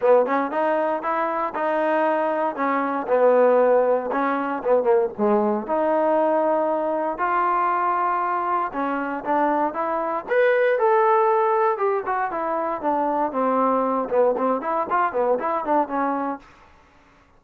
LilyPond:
\new Staff \with { instrumentName = "trombone" } { \time 4/4 \tempo 4 = 117 b8 cis'8 dis'4 e'4 dis'4~ | dis'4 cis'4 b2 | cis'4 b8 ais8 gis4 dis'4~ | dis'2 f'2~ |
f'4 cis'4 d'4 e'4 | b'4 a'2 g'8 fis'8 | e'4 d'4 c'4. b8 | c'8 e'8 f'8 b8 e'8 d'8 cis'4 | }